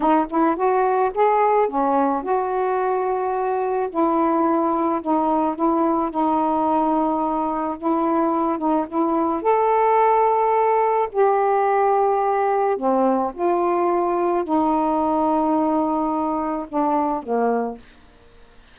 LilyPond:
\new Staff \with { instrumentName = "saxophone" } { \time 4/4 \tempo 4 = 108 dis'8 e'8 fis'4 gis'4 cis'4 | fis'2. e'4~ | e'4 dis'4 e'4 dis'4~ | dis'2 e'4. dis'8 |
e'4 a'2. | g'2. c'4 | f'2 dis'2~ | dis'2 d'4 ais4 | }